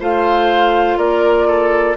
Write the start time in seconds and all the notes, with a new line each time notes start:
0.00 A3 F4 C5 F5
0.97 A#3 A#4 D5
1.48 A4